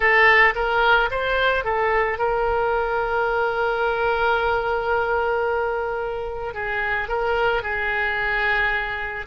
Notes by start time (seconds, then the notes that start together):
0.00 A4
0.55 A#4
1.10 C5
1.64 A4
2.18 A#4
6.54 G#4
7.08 A#4
7.62 G#4